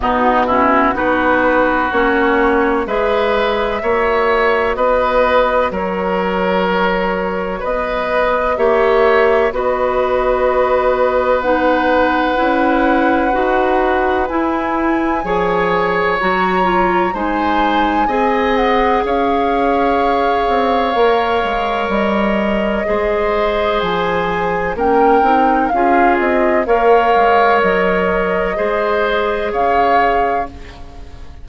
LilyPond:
<<
  \new Staff \with { instrumentName = "flute" } { \time 4/4 \tempo 4 = 63 fis'4 b'4 cis''4 e''4~ | e''4 dis''4 cis''2 | dis''4 e''4 dis''2 | fis''2. gis''4~ |
gis''4 ais''4 gis''4. fis''8 | f''2. dis''4~ | dis''4 gis''4 g''4 f''8 dis''8 | f''4 dis''2 f''4 | }
  \new Staff \with { instrumentName = "oboe" } { \time 4/4 dis'8 e'8 fis'2 b'4 | cis''4 b'4 ais'2 | b'4 cis''4 b'2~ | b'1 |
cis''2 c''4 dis''4 | cis''1 | c''2 ais'4 gis'4 | cis''2 c''4 cis''4 | }
  \new Staff \with { instrumentName = "clarinet" } { \time 4/4 b8 cis'8 dis'4 cis'4 gis'4 | fis'1~ | fis'4 g'4 fis'2 | dis'4 e'4 fis'4 e'4 |
gis'4 fis'8 f'8 dis'4 gis'4~ | gis'2 ais'2 | gis'2 cis'8 dis'8 f'4 | ais'2 gis'2 | }
  \new Staff \with { instrumentName = "bassoon" } { \time 4/4 b,4 b4 ais4 gis4 | ais4 b4 fis2 | b4 ais4 b2~ | b4 cis'4 dis'4 e'4 |
f4 fis4 gis4 c'4 | cis'4. c'8 ais8 gis8 g4 | gis4 f4 ais8 c'8 cis'8 c'8 | ais8 gis8 fis4 gis4 cis4 | }
>>